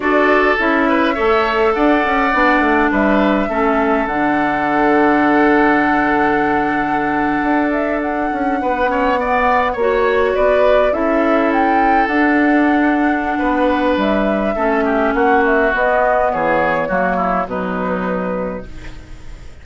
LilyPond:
<<
  \new Staff \with { instrumentName = "flute" } { \time 4/4 \tempo 4 = 103 d''4 e''2 fis''4~ | fis''4 e''2 fis''4~ | fis''1~ | fis''4~ fis''16 e''8 fis''2~ fis''16~ |
fis''8. cis''4 d''4 e''4 g''16~ | g''8. fis''2.~ fis''16 | e''2 fis''8 e''8 dis''4 | cis''2 b'2 | }
  \new Staff \with { instrumentName = "oboe" } { \time 4/4 a'4. b'8 cis''4 d''4~ | d''4 b'4 a'2~ | a'1~ | a'2~ a'8. b'8 cis''8 d''16~ |
d''8. cis''4 b'4 a'4~ a'16~ | a'2. b'4~ | b'4 a'8 g'8 fis'2 | gis'4 fis'8 e'8 dis'2 | }
  \new Staff \with { instrumentName = "clarinet" } { \time 4/4 fis'4 e'4 a'2 | d'2 cis'4 d'4~ | d'1~ | d'2.~ d'16 cis'8 b16~ |
b8. fis'2 e'4~ e'16~ | e'8. d'2.~ d'16~ | d'4 cis'2 b4~ | b4 ais4 fis2 | }
  \new Staff \with { instrumentName = "bassoon" } { \time 4/4 d'4 cis'4 a4 d'8 cis'8 | b8 a8 g4 a4 d4~ | d1~ | d8. d'4. cis'8 b4~ b16~ |
b8. ais4 b4 cis'4~ cis'16~ | cis'8. d'2~ d'16 b4 | g4 a4 ais4 b4 | e4 fis4 b,2 | }
>>